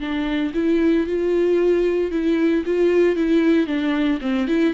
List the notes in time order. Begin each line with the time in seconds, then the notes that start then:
0.00 D4
0.54 E4
1.07 F4
2.11 E4
2.66 F4
3.16 E4
3.67 D4
4.21 C4
4.48 E4